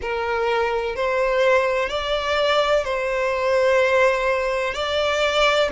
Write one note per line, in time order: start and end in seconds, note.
0.01 0.95 A#4
0.95 1.89 C5
1.89 2.84 D5
2.84 4.74 C5
4.74 5.69 D5